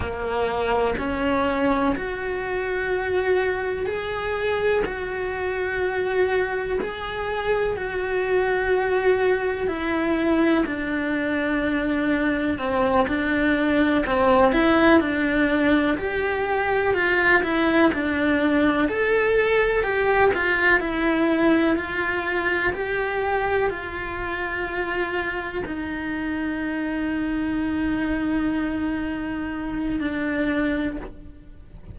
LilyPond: \new Staff \with { instrumentName = "cello" } { \time 4/4 \tempo 4 = 62 ais4 cis'4 fis'2 | gis'4 fis'2 gis'4 | fis'2 e'4 d'4~ | d'4 c'8 d'4 c'8 e'8 d'8~ |
d'8 g'4 f'8 e'8 d'4 a'8~ | a'8 g'8 f'8 e'4 f'4 g'8~ | g'8 f'2 dis'4.~ | dis'2. d'4 | }